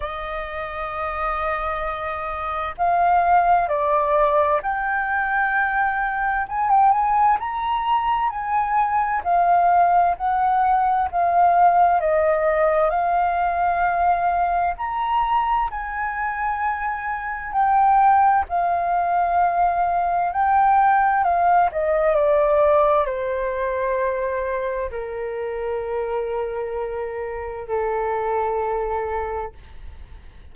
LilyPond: \new Staff \with { instrumentName = "flute" } { \time 4/4 \tempo 4 = 65 dis''2. f''4 | d''4 g''2 gis''16 g''16 gis''8 | ais''4 gis''4 f''4 fis''4 | f''4 dis''4 f''2 |
ais''4 gis''2 g''4 | f''2 g''4 f''8 dis''8 | d''4 c''2 ais'4~ | ais'2 a'2 | }